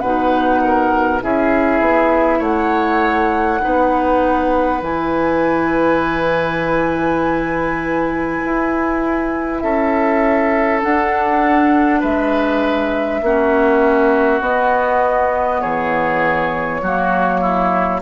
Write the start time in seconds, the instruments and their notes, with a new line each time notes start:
0.00 bassoon B2, clarinet D#4, oboe B4, flute F#5
0.64 oboe A#4
1.21 bassoon C#4, clarinet E4, oboe G#4, flute E5
1.80 bassoon B3
2.39 bassoon A3, oboe C#5, flute F#5
3.60 bassoon B3, clarinet D#4, oboe B4
4.82 bassoon E3, clarinet E4, flute G#5
8.45 bassoon E4
9.60 bassoon C#4, oboe A4, flute E5
10.81 clarinet D4, bassoon D4, flute F#5
12.00 bassoon G#3, oboe B4, flute E5
13.21 bassoon A#3, clarinet C#4, oboe F#4
14.41 bassoon B3, clarinet B3, flute D#5
15.61 bassoon E3, oboe G#4, flute C#5
16.82 bassoon F#3, clarinet A#3, oboe F#4
17.41 oboe E4